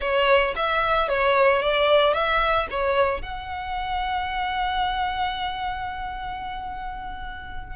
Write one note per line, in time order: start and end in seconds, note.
0.00 0.54 C#5
0.56 1.08 E5
1.08 1.62 C#5
1.62 2.13 D5
2.13 2.67 E5
2.70 3.22 C#5
3.22 7.76 F#5